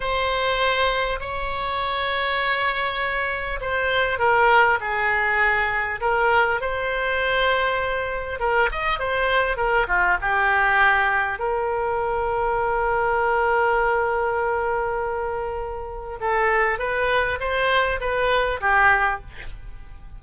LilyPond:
\new Staff \with { instrumentName = "oboe" } { \time 4/4 \tempo 4 = 100 c''2 cis''2~ | cis''2 c''4 ais'4 | gis'2 ais'4 c''4~ | c''2 ais'8 dis''8 c''4 |
ais'8 f'8 g'2 ais'4~ | ais'1~ | ais'2. a'4 | b'4 c''4 b'4 g'4 | }